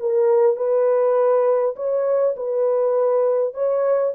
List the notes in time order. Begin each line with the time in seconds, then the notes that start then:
0.00 A#4
0.56 B4
1.76 C#5
2.36 B4
3.54 C#5